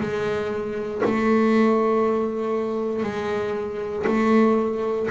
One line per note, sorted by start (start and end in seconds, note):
0.00 1.02 G#3
1.04 3.03 A3
3.03 4.04 G#3
4.06 5.08 A3